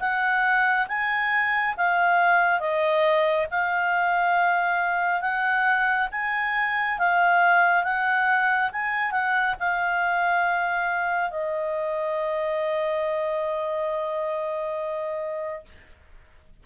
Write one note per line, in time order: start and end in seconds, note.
0.00 0.87 F#5
0.88 1.75 G#5
1.77 2.60 F5
2.60 3.47 D#5
3.51 5.21 F5
5.21 6.08 F#5
6.11 6.98 G#5
6.99 7.83 F5
7.83 8.70 F#5
8.72 9.11 G#5
9.11 9.55 F#5
9.59 11.31 F5
11.31 15.66 D#5